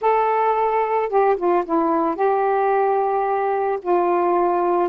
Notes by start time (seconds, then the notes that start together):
0.01 A4
1.09 G4
1.36 F4
1.65 E4
2.15 G4
3.82 F4